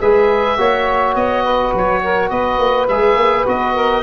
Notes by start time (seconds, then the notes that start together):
0.00 G#3 G#4 B4 E5
0.58 A#3 F#4 C#5
1.15 B3 D#5
1.43 B4
1.74 F#3 C#5
2.03 A#4
2.30 B3 B4 D#5
2.58 A#3
2.88 G#3 G#4 E5
3.16 A#3
3.46 B3 F#4 D#5
3.74 A#4